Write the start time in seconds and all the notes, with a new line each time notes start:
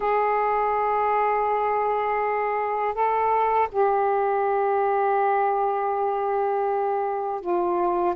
0.00 G#4
2.94 A4
3.71 G4
7.41 F4